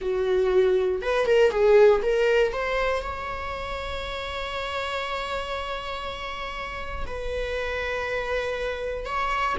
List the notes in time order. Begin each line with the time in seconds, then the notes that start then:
0.01 F#4
1.02 B4
1.25 A#4
1.50 G#4
2.02 A#4
2.53 C5
3.02 C#5
7.06 B4
9.05 C#5